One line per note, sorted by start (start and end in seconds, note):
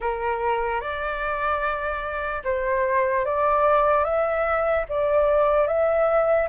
0.00 0.80 A#4
0.80 2.43 D5
2.44 3.25 C5
3.25 4.04 D5
4.04 4.85 E5
4.88 5.67 D5
5.67 6.48 E5